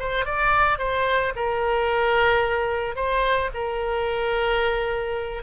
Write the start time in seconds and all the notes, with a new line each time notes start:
0.00 C5
0.26 D5
0.79 C5
1.36 A#4
2.96 C5
3.54 A#4